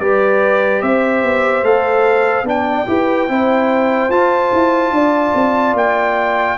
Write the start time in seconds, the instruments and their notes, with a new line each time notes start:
0.00 tuba G3, trombone G4, horn B4, trumpet D5
0.82 tuba C4, horn C5, trumpet E5
1.23 tuba B3
1.63 tuba A3, trombone A4, trumpet F5
2.43 tuba B3, trombone D4, horn D5, trumpet G5
2.87 tuba E4, trombone G4, horn B4
3.28 tuba C4, trombone E4, horn C5
4.09 tuba F4, trombone F4, trumpet A5
4.53 tuba E4
4.91 tuba D4, horn D5
5.35 tuba C4
5.74 tuba A#3, trumpet G5